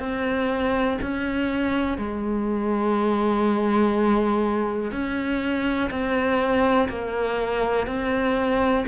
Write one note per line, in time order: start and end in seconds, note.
0.00 0.98 C4
1.02 1.98 C#4
1.98 4.92 G#3
4.92 5.91 C#4
5.91 6.89 C4
6.89 7.87 A#3
7.87 8.86 C4